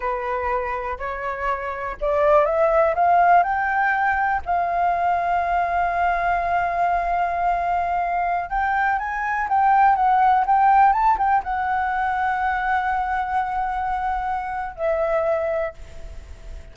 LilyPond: \new Staff \with { instrumentName = "flute" } { \time 4/4 \tempo 4 = 122 b'2 cis''2 | d''4 e''4 f''4 g''4~ | g''4 f''2.~ | f''1~ |
f''4~ f''16 g''4 gis''4 g''8.~ | g''16 fis''4 g''4 a''8 g''8 fis''8.~ | fis''1~ | fis''2 e''2 | }